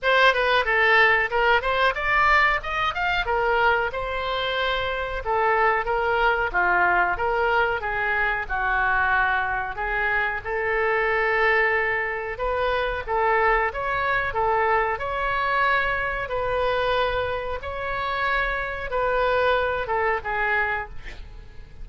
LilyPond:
\new Staff \with { instrumentName = "oboe" } { \time 4/4 \tempo 4 = 92 c''8 b'8 a'4 ais'8 c''8 d''4 | dis''8 f''8 ais'4 c''2 | a'4 ais'4 f'4 ais'4 | gis'4 fis'2 gis'4 |
a'2. b'4 | a'4 cis''4 a'4 cis''4~ | cis''4 b'2 cis''4~ | cis''4 b'4. a'8 gis'4 | }